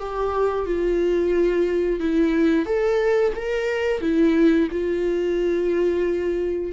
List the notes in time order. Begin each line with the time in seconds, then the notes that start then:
0.00 G4
0.66 F4
2.00 E4
2.66 A4
3.36 A#4
4.01 E4
4.72 F4